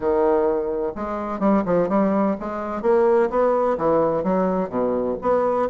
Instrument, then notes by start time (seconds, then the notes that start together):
bassoon
0.00 D#3
0.95 G#3
1.39 G3
1.65 F3
1.88 G3
2.39 G#3
2.82 A#3
3.29 B3
3.77 E3
4.23 F#3
4.69 B2
5.21 B3